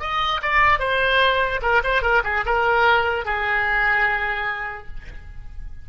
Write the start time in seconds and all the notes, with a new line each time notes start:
0.00 D#5
0.42 D5
0.79 C5
1.62 A#4
1.84 C5
2.02 A#4
2.24 G#4
2.46 A#4
3.25 G#4